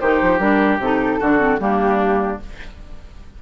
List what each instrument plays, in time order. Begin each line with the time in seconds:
0.00 bassoon D#3, clarinet D#4, oboe G4, flute C5
0.22 bassoon F3
0.39 bassoon G3, clarinet D4, flute A#4
0.79 bassoon C3, clarinet D#4, flute A4
1.20 bassoon D3, clarinet D4, oboe F#4
1.38 clarinet C4
1.59 bassoon G3, clarinet A#3, oboe D4, flute G4